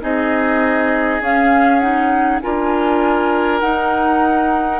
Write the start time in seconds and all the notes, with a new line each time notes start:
0.00 C4 D#4 G#4 D#5
1.20 C#4 F5
1.79 D#4 F#5
2.41 D4 F4 A#4 G#5
3.60 D#4 F#5